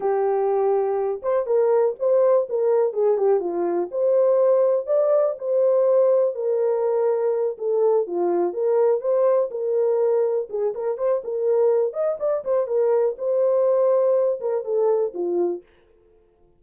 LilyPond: \new Staff \with { instrumentName = "horn" } { \time 4/4 \tempo 4 = 123 g'2~ g'8 c''8 ais'4 | c''4 ais'4 gis'8 g'8 f'4 | c''2 d''4 c''4~ | c''4 ais'2~ ais'8 a'8~ |
a'8 f'4 ais'4 c''4 ais'8~ | ais'4. gis'8 ais'8 c''8 ais'4~ | ais'8 dis''8 d''8 c''8 ais'4 c''4~ | c''4. ais'8 a'4 f'4 | }